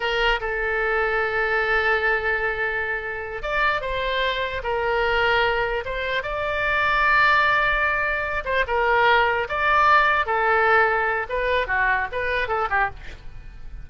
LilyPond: \new Staff \with { instrumentName = "oboe" } { \time 4/4 \tempo 4 = 149 ais'4 a'2.~ | a'1~ | a'8 d''4 c''2 ais'8~ | ais'2~ ais'8 c''4 d''8~ |
d''1~ | d''4 c''8 ais'2 d''8~ | d''4. a'2~ a'8 | b'4 fis'4 b'4 a'8 g'8 | }